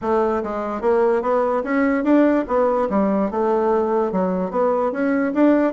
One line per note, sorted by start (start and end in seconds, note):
0.01 0.42 A3
0.43 0.81 G#3
0.81 1.21 A#3
1.21 1.63 B3
1.63 2.03 C#4
2.03 2.45 D4
2.47 2.88 B3
2.89 3.30 G3
3.30 4.12 A3
4.12 4.50 F#3
4.50 4.91 B3
4.91 5.33 C#4
5.34 5.73 D4